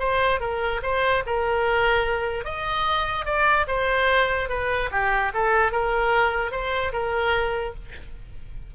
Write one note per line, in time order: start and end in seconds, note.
0.00 0.41 C5
0.41 0.81 A#4
0.83 1.24 C5
1.27 2.45 A#4
2.45 3.26 D#5
3.26 3.67 D5
3.68 4.50 C5
4.50 4.90 B4
4.92 5.33 G4
5.34 5.72 A4
5.72 6.52 A#4
6.52 6.93 C5
6.93 7.75 A#4